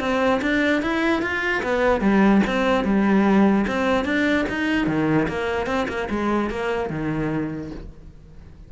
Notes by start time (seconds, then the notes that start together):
0.00 C4
0.42 D4
0.82 E4
1.22 F4
1.63 B3
2.01 G3
2.47 C4
2.84 G3
3.67 C4
4.05 D4
4.49 D#4
4.86 D#3
5.28 A#3
5.66 C4
5.88 A#3
6.10 G#3
6.50 A#3
6.89 D#3